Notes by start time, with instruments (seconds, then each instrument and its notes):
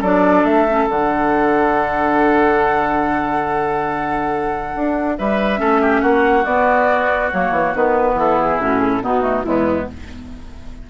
0.00 bassoon F#3, clarinet D4, oboe A4, flute D5
0.43 bassoon A3, flute E5
0.69 clarinet C#4
0.87 bassoon D3, clarinet D4, flute F#5
4.75 bassoon D4
5.18 bassoon G3, oboe B4, flute E5
5.57 bassoon A3, clarinet C#4, oboe A4
5.81 oboe G4
6.00 bassoon A#3, oboe F#4, flute F#5
6.44 bassoon B3, clarinet B3, flute D5
7.31 bassoon F#3, clarinet A#3, flute C#5
7.51 bassoon E3
7.74 bassoon D#3, clarinet B3, flute B4
8.13 bassoon E3, oboe E4, flute A4
8.40 flute G#4
8.59 bassoon A2, clarinet C#4, flute F#4
8.79 flute G#4
8.93 flute A4
9.01 bassoon B2, clarinet B3, oboe D#4, flute F#4
9.21 clarinet A3
9.44 bassoon E2, clarinet G#3, oboe B3, flute E4